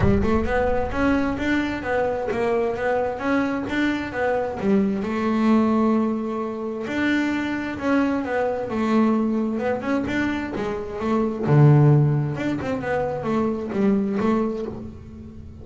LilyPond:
\new Staff \with { instrumentName = "double bass" } { \time 4/4 \tempo 4 = 131 g8 a8 b4 cis'4 d'4 | b4 ais4 b4 cis'4 | d'4 b4 g4 a4~ | a2. d'4~ |
d'4 cis'4 b4 a4~ | a4 b8 cis'8 d'4 gis4 | a4 d2 d'8 c'8 | b4 a4 g4 a4 | }